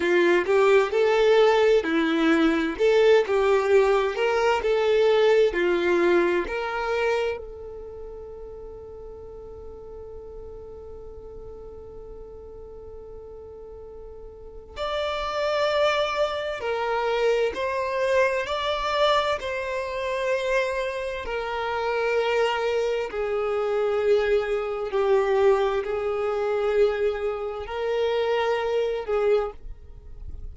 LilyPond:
\new Staff \with { instrumentName = "violin" } { \time 4/4 \tempo 4 = 65 f'8 g'8 a'4 e'4 a'8 g'8~ | g'8 ais'8 a'4 f'4 ais'4 | a'1~ | a'1 |
d''2 ais'4 c''4 | d''4 c''2 ais'4~ | ais'4 gis'2 g'4 | gis'2 ais'4. gis'8 | }